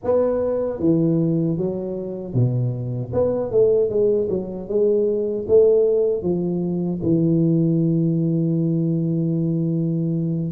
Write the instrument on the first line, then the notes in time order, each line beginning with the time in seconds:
tuba
0.04 B3
0.79 E3
1.57 F#3
2.33 B2
3.13 B3
3.51 A3
3.89 G#3
4.29 F#3
4.68 G#3
5.48 A3
6.22 F3
7.03 E3